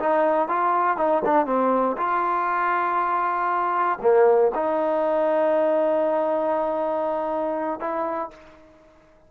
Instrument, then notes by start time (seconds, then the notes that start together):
trombone
0.00 D#4
0.49 F4
0.97 D#4
1.25 D4
1.46 C4
1.97 F4
4.02 A#3
4.55 D#4
7.80 E4